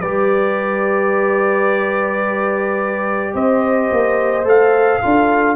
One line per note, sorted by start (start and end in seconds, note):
0.00 3.34 G3
0.00 4.44 G4
0.00 3.34 B4
0.00 3.33 D5
3.34 3.90 C4
3.34 5.00 C5
3.34 4.46 D#5
3.91 4.44 A#3
4.44 5.00 A3
4.44 5.00 A4
4.44 5.56 F5
5.01 5.56 D4
5.01 5.56 F4
5.01 5.56 A4